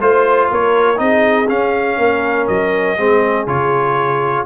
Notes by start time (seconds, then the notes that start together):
0.00 A3 F4 C5
0.50 A#3 A#4 C#5
0.96 C4 D#4 G#4 D#5
1.48 C#4 F5
1.98 A#3 A#4
2.47 F#3 D#5
2.97 G#3 C4 G#4
3.46 C#3 F4 C#5